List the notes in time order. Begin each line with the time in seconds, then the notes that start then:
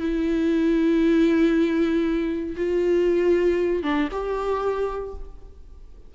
0.00 E4
2.57 F4
3.83 D4
4.12 G4